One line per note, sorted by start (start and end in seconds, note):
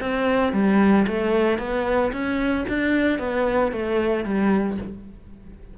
0.00 0.53 C4
0.53 1.06 G3
1.07 1.59 A3
1.59 2.12 B3
2.12 2.65 C#4
2.68 3.19 D4
3.19 3.72 B3
3.72 4.24 A3
4.24 4.77 G3